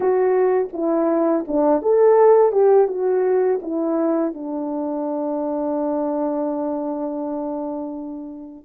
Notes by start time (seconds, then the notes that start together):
0.00 F#4
0.72 E4
1.47 D4
1.81 A4
2.52 G4
2.87 F#4
3.61 E4
4.34 D4